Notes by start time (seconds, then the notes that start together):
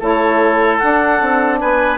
0.00 A3 E4 A4 C#5
0.79 D4 F#5
1.22 C4
1.60 B3 B4 G#5